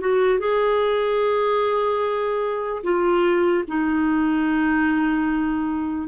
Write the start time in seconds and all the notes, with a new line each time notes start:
0.00 F#4
0.39 G#4
2.83 F4
3.68 D#4